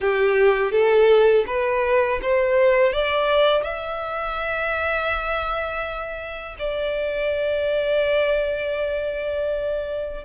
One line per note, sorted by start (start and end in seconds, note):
0.00 0.72 G4
0.72 1.45 A4
1.46 2.20 B4
2.22 2.92 C5
2.92 3.63 D5
3.63 6.56 E5
6.59 10.24 D5